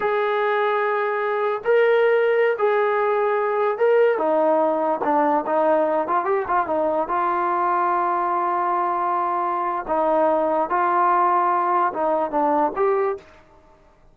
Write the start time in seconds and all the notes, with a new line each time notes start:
0.00 G#4
1.64 A#4
2.58 G#4
3.78 A#4
4.17 D#4
5.03 D4
5.46 D#4
6.07 F4
6.24 G4
6.47 F4
6.66 D#4
7.08 F4
9.87 D#4
10.69 F4
11.93 D#4
12.30 D4
12.76 G4